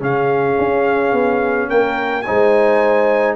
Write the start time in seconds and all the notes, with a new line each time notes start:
0.00 C#3 C#4 G#4 F5
0.58 C#4
1.12 B3
1.69 A#3 A#4 G5
2.22 D#4 C5 G#5
2.29 G#3